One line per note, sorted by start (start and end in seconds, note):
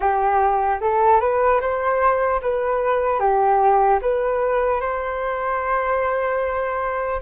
0.00 0.79 G4
0.80 1.20 A4
1.20 1.60 B4
1.60 2.40 C5
2.41 3.19 B4
3.19 3.99 G4
4.01 4.80 B4
4.80 7.20 C5